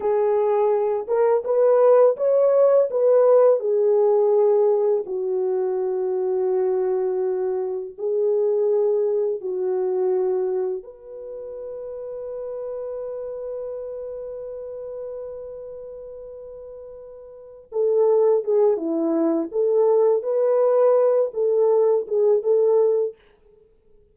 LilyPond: \new Staff \with { instrumentName = "horn" } { \time 4/4 \tempo 4 = 83 gis'4. ais'8 b'4 cis''4 | b'4 gis'2 fis'4~ | fis'2. gis'4~ | gis'4 fis'2 b'4~ |
b'1~ | b'1~ | b'8 a'4 gis'8 e'4 a'4 | b'4. a'4 gis'8 a'4 | }